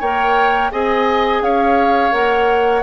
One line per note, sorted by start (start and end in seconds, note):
0.00 0.71 A#3
0.00 0.71 A#4
0.00 0.71 C#5
0.00 0.71 G5
0.71 1.41 C4
0.71 2.11 G#4
0.71 1.42 D#5
0.71 1.42 G#5
1.41 2.11 C#4
1.41 2.83 C#5
1.41 2.12 F5
2.11 2.83 A#3
2.11 2.82 A#4
2.11 2.83 F#5